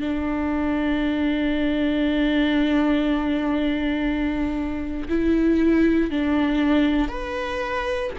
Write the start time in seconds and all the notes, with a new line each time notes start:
0.00 D4
5.09 E4
6.11 D4
7.09 B4